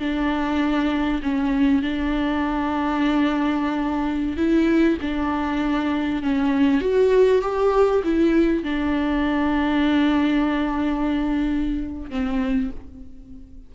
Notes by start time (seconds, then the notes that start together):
0.00 D4
1.22 C#4
1.82 D4
4.37 E4
5.01 D4
6.22 C#4
6.81 F#4
7.42 G4
8.04 E4
8.63 D4
12.10 C4